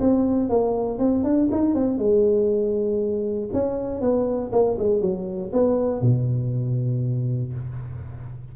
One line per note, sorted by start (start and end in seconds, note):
0.00 0.49 C4
0.49 0.99 A#3
0.99 1.24 C4
1.24 1.49 D4
1.51 1.74 D#4
1.74 1.98 C4
1.98 3.49 G#3
3.53 4.01 C#4
4.01 4.51 B3
4.52 4.77 A#3
4.78 5.01 G#3
5.01 5.51 F#3
5.52 6.01 B3
6.01 7.53 B2